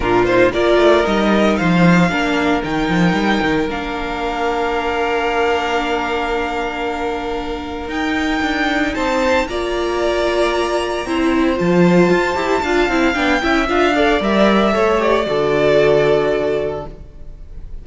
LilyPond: <<
  \new Staff \with { instrumentName = "violin" } { \time 4/4 \tempo 4 = 114 ais'8 c''8 d''4 dis''4 f''4~ | f''4 g''2 f''4~ | f''1~ | f''2. g''4~ |
g''4 a''4 ais''2~ | ais''2 a''2~ | a''4 g''4 f''4 e''4~ | e''8 d''2.~ d''8 | }
  \new Staff \with { instrumentName = "violin" } { \time 4/4 f'4 ais'2 c''4 | ais'1~ | ais'1~ | ais'1~ |
ais'4 c''4 d''2~ | d''4 c''2. | f''4. e''4 d''4. | cis''4 a'2. | }
  \new Staff \with { instrumentName = "viola" } { \time 4/4 d'8 dis'8 f'4 dis'2 | d'4 dis'2 d'4~ | d'1~ | d'2. dis'4~ |
dis'2 f'2~ | f'4 e'4 f'4. g'8 | f'8 e'8 d'8 e'8 f'8 a'8 ais'4 | a'8 g'8 fis'2. | }
  \new Staff \with { instrumentName = "cello" } { \time 4/4 ais,4 ais8 a8 g4 f4 | ais4 dis8 f8 g8 dis8 ais4~ | ais1~ | ais2. dis'4 |
d'4 c'4 ais2~ | ais4 c'4 f4 f'8 e'8 | d'8 c'8 b8 cis'8 d'4 g4 | a4 d2. | }
>>